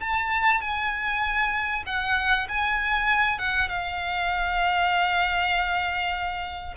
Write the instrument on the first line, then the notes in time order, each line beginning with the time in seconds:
violin
0.00 A5
0.61 G#5
1.86 F#5
2.49 G#5
3.39 F#5
3.68 F5